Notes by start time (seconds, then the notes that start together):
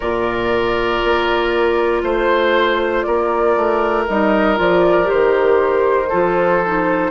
0.00 A#2 F4 A#4 D5
1.04 A#3
2.02 A3 C5
3.02 A#3 A#4 D5
3.56 A3
4.07 G3 D#4 D#5
4.55 F3 F4 D5
5.04 G4 C5
5.12 D#3
6.08 F3 F4 A4
6.65 D#4